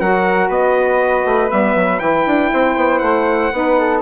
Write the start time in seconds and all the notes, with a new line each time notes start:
0.00 F#3 F#4 A#4 F#5
0.48 B3 B4 D#5
1.25 A3
1.49 G3 B3 E5
1.76 F#3
1.99 E3 E4 G5
2.26 D4
2.53 C4 C5
2.76 B3
2.99 A3 F#5
3.52 B3 D#4 B4
3.79 A4